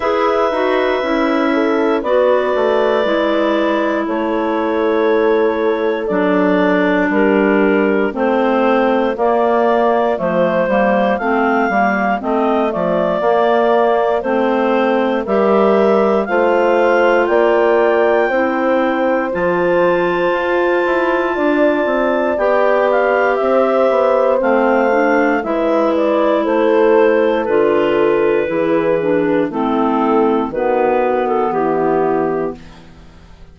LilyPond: <<
  \new Staff \with { instrumentName = "clarinet" } { \time 4/4 \tempo 4 = 59 e''2 d''2 | cis''2 d''4 ais'4 | c''4 d''4 c''4 f''4 | dis''8 d''4. c''4 e''4 |
f''4 g''2 a''4~ | a''2 g''8 f''8 e''4 | f''4 e''8 d''8 c''4 b'4~ | b'4 a'4 b'8. a'16 g'4 | }
  \new Staff \with { instrumentName = "horn" } { \time 4/4 b'4. a'8 b'2 | a'2. g'4 | f'1~ | f'2. ais'4 |
c''4 d''4 c''2~ | c''4 d''2 c''4~ | c''4 b'4 a'2 | gis'4 e'4 fis'4 e'4 | }
  \new Staff \with { instrumentName = "clarinet" } { \time 4/4 gis'8 fis'8 e'4 fis'4 e'4~ | e'2 d'2 | c'4 ais4 a8 ais8 c'8 ais8 | c'8 a8 ais4 c'4 g'4 |
f'2 e'4 f'4~ | f'2 g'2 | c'8 d'8 e'2 f'4 | e'8 d'8 c'4 b2 | }
  \new Staff \with { instrumentName = "bassoon" } { \time 4/4 e'8 dis'8 cis'4 b8 a8 gis4 | a2 fis4 g4 | a4 ais4 f8 g8 a8 g8 | a8 f8 ais4 a4 g4 |
a4 ais4 c'4 f4 | f'8 e'8 d'8 c'8 b4 c'8 b8 | a4 gis4 a4 d4 | e4 a4 dis4 e4 | }
>>